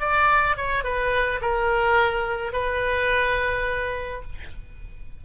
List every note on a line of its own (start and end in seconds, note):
0.00 0.57 D5
0.57 0.84 C#5
0.84 1.40 B4
1.41 2.53 A#4
2.53 4.22 B4